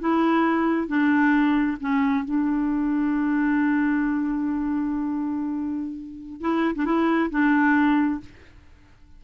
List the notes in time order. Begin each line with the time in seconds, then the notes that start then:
0.00 E4
0.88 D4
1.80 C#4
2.25 D4
6.41 E4
6.75 D4
6.85 E4
7.30 D4